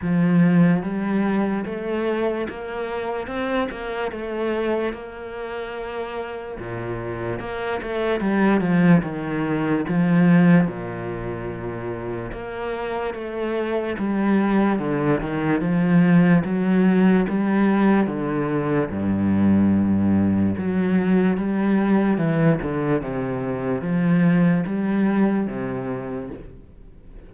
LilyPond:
\new Staff \with { instrumentName = "cello" } { \time 4/4 \tempo 4 = 73 f4 g4 a4 ais4 | c'8 ais8 a4 ais2 | ais,4 ais8 a8 g8 f8 dis4 | f4 ais,2 ais4 |
a4 g4 d8 dis8 f4 | fis4 g4 d4 g,4~ | g,4 fis4 g4 e8 d8 | c4 f4 g4 c4 | }